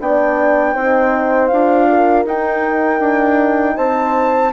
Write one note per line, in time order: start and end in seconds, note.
0.00 0.75 B3
0.00 0.75 D4
0.00 0.74 D5
0.00 1.47 G5
0.74 1.51 C4
0.74 1.50 D#4
0.74 1.88 C5
1.47 2.25 D4
1.47 2.27 F4
1.47 2.23 F5
1.89 3.75 A#4
2.25 2.99 D#4
2.25 4.53 D#4
2.25 3.76 G5
2.99 3.75 D4
3.75 4.53 C4
3.75 4.51 C5
3.75 4.52 A5